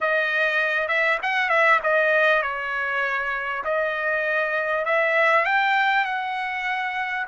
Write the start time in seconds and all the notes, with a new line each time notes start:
0.00 D#5
0.88 E5
1.22 F#5
1.49 E5
1.83 D#5
2.42 C#5
3.64 D#5
4.85 E5
5.45 G5
6.04 F#5